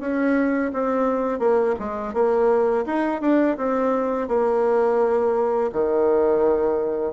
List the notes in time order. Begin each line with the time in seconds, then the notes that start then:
0.00 C#4
0.73 C4
1.39 A#3
1.80 G#3
2.14 A#3
2.86 D#4
3.21 D4
3.57 C4
4.28 A#3
5.72 D#3